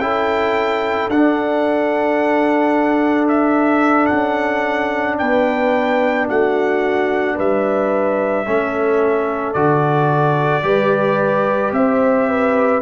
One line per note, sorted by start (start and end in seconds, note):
0.00 1.09 C#4
0.00 1.11 E4
0.00 5.20 A4
0.00 1.09 G5
1.09 4.09 D4
1.09 8.47 D4
1.09 3.28 F#5
3.29 4.07 E5
4.07 5.21 C#4
4.07 5.16 F#5
5.19 6.30 B3
5.19 6.28 B4
5.19 6.28 G5
6.28 7.39 A3
6.28 7.36 F#4
6.28 7.39 F#5
7.36 8.47 G3
7.36 8.45 B4
7.36 9.54 E5
8.47 9.55 A3
8.47 9.55 C#4
8.47 10.65 A4
9.54 10.64 D3
9.54 10.63 F#4
9.54 11.72 D5
10.63 11.72 G3
10.63 12.81 G4
10.63 11.75 B4
11.72 12.82 C4
11.72 12.30 C5
11.72 12.82 E5
12.30 12.82 B4